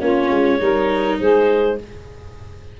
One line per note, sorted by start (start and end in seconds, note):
0.00 0.30 A#3
0.00 0.59 C#4
0.00 0.59 F4
0.00 1.18 C#5
0.30 0.60 G#3
0.59 1.19 G3
0.59 1.77 D#4
0.59 1.19 A#4
1.19 1.80 G#3
1.19 1.78 G#4
1.19 1.78 C5